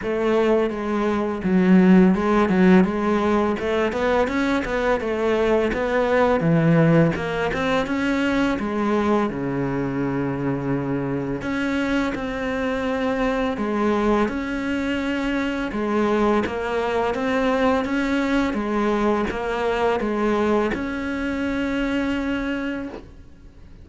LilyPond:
\new Staff \with { instrumentName = "cello" } { \time 4/4 \tempo 4 = 84 a4 gis4 fis4 gis8 fis8 | gis4 a8 b8 cis'8 b8 a4 | b4 e4 ais8 c'8 cis'4 | gis4 cis2. |
cis'4 c'2 gis4 | cis'2 gis4 ais4 | c'4 cis'4 gis4 ais4 | gis4 cis'2. | }